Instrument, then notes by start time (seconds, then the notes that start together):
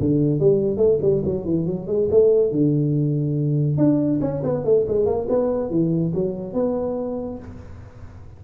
tuba
0.00 D3
0.40 G3
0.78 A3
1.02 G3
1.25 F#3
1.45 E3
1.67 F#3
1.88 G#3
2.12 A3
2.52 D3
3.78 D4
4.21 C#4
4.44 B3
4.65 A3
4.88 G#3
5.06 A#3
5.30 B3
5.71 E3
6.15 F#3
6.54 B3